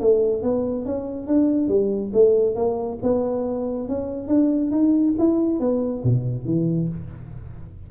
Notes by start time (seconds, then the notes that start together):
0.00 A3
0.43 B3
0.85 C#4
1.27 D4
1.68 G3
2.13 A3
2.55 A#3
3.03 B3
3.88 C#4
4.28 D4
4.71 D#4
5.19 E4
5.60 B3
6.04 B2
6.45 E3